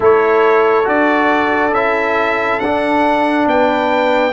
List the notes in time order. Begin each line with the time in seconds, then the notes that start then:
0.00 A3 E4 A4 C#5
0.84 D4 F#4 D5
1.72 C#4 E4 E5
2.59 D4 F#5
3.46 B3 B4 G5